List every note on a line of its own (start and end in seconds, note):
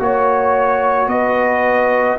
0.00 1.07 A#3
0.00 2.18 F#4
0.00 1.11 C#5
0.00 1.09 C#5
1.07 2.17 B3
1.07 2.19 B4
1.07 2.18 D#5